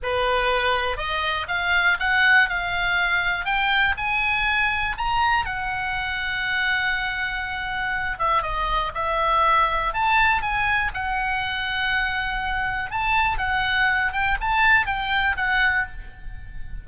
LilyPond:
\new Staff \with { instrumentName = "oboe" } { \time 4/4 \tempo 4 = 121 b'2 dis''4 f''4 | fis''4 f''2 g''4 | gis''2 ais''4 fis''4~ | fis''1~ |
fis''8 e''8 dis''4 e''2 | a''4 gis''4 fis''2~ | fis''2 a''4 fis''4~ | fis''8 g''8 a''4 g''4 fis''4 | }